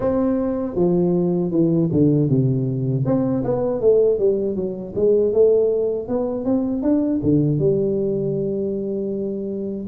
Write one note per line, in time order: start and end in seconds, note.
0.00 0.75 C4
0.75 1.51 F3
1.51 1.88 E3
1.92 2.29 D3
2.29 3.04 C3
3.05 3.43 C4
3.44 3.80 B3
3.80 4.18 A3
4.18 4.55 G3
4.55 4.93 F#3
4.95 5.32 G#3
5.32 6.08 A3
6.08 6.44 B3
6.44 6.82 C4
6.82 7.20 D4
7.22 7.58 D3
7.58 9.86 G3